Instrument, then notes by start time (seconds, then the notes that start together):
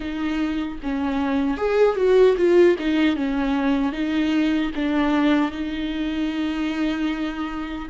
viola
0.00 D#4
0.82 C#4
1.57 G#4
1.96 F#4
2.37 F4
2.78 D#4
3.16 C#4
3.92 D#4
4.75 D4
5.51 D#4